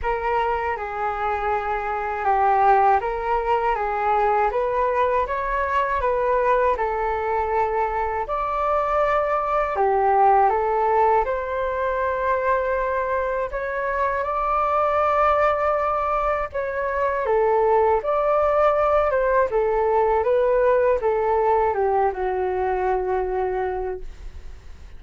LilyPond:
\new Staff \with { instrumentName = "flute" } { \time 4/4 \tempo 4 = 80 ais'4 gis'2 g'4 | ais'4 gis'4 b'4 cis''4 | b'4 a'2 d''4~ | d''4 g'4 a'4 c''4~ |
c''2 cis''4 d''4~ | d''2 cis''4 a'4 | d''4. c''8 a'4 b'4 | a'4 g'8 fis'2~ fis'8 | }